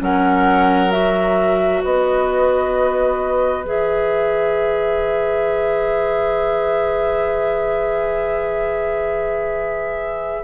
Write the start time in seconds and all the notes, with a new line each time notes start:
0.00 F#3 C#4 A#4 F#5
0.91 F#4 E5
1.82 B3 B4 D#5
3.65 E3 G#4 E5